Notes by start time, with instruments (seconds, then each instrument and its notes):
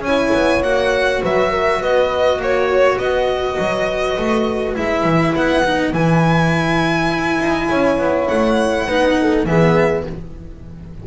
0.00 double bass C#4, horn C#5, violin G#5
0.07 cello E4
0.34 double bass B3
0.63 double bass A#3, cello F#4, violin F#5
1.21 double bass F#3, horn B4, violin E5
1.50 horn A#4
1.80 double bass B3, horn B4, violin D#5
2.38 double bass A#3, violin C#5, horn C#5
2.98 double bass B3, horn B4, violin D#5
3.58 double bass F#3
4.18 double bass A3
4.75 double bass G#3, cello E4, violin E5
5.03 double bass E3
5.35 double bass B3, violin F#5
5.64 cello D#4
5.93 double bass E3, cello E4, violin G#5
7.09 double bass E4
7.40 double bass D#4
7.68 double bass C#4, horn C#5
7.98 double bass B3
8.27 double bass A3, violin F#5
8.85 double bass B3, cello D#4, horn B4
9.20 horn A4
9.45 double bass E3, cello B3, horn G#4, violin E5